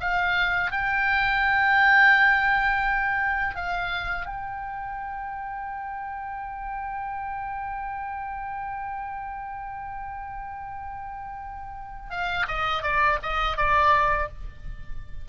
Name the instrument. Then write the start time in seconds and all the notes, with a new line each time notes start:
oboe
0.00 F5
0.71 G5
3.55 F5
4.26 G5
12.10 F5
12.48 D#5
12.82 D5
13.22 D#5
13.57 D5